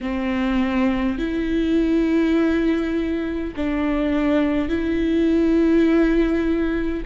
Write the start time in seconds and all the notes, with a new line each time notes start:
0.01 C4
1.18 E4
3.56 D4
4.68 E4